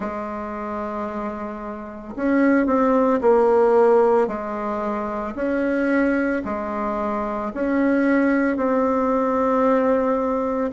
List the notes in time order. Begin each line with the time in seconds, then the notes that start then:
0.00 G#3
2.15 C#4
2.66 C4
3.21 A#3
4.27 G#3
5.35 C#4
6.44 G#3
7.53 C#4
8.56 C4